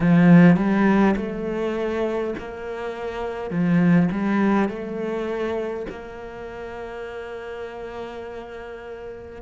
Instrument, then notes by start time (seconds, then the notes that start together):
cello
0.00 F3
0.56 G3
1.16 A3
2.38 A#3
3.50 F3
4.11 G3
4.68 A3
5.89 A#3